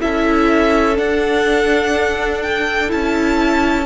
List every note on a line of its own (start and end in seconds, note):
0.00 0.98 C#4
0.00 0.95 E4
0.00 3.85 A4
0.00 0.97 E5
0.95 2.88 D4
0.95 2.92 D4
0.95 2.42 F#5
2.42 2.90 G5
2.88 3.85 C#4
2.88 3.85 E4
2.88 3.85 A5